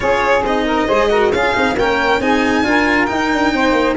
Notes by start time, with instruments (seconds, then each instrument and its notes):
0.00 tuba C#4, cello F4, saxophone G#4, violin C#5
0.43 tuba C4, cello D#4, violin D#5
0.65 saxophone A#4
0.87 tuba G#3, cello G#4, saxophone C5
1.09 cello F#4, saxophone A#4
1.32 tuba C#4, cello F4, saxophone G#4, violin F5
1.53 tuba C4, cello D#4
1.74 tuba A#3, cello C#4, saxophone A#4, violin G5
2.19 tuba C4, cello D#4, saxophone G#4, violin G#5
2.63 tuba D4, cello F4, saxophone A#4
3.05 cello D#4, tuba D#4, violin G5
3.32 tuba D4
3.53 tuba C4, saxophone C5
3.72 tuba A#3